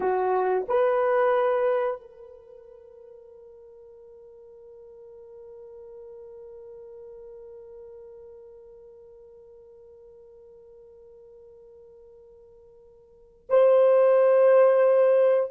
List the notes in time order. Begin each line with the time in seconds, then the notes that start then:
0.00 F#4
0.68 B4
2.00 A#4
13.49 C5